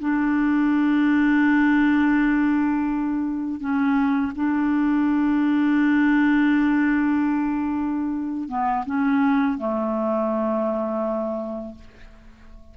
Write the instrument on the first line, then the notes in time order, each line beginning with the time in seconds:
clarinet
0.00 D4
3.60 C#4
4.35 D4
8.49 B3
8.86 C#4
9.58 A3